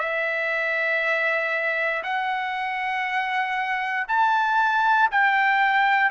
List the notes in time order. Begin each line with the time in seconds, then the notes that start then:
0.00 E5
2.04 F#5
4.08 A5
5.12 G5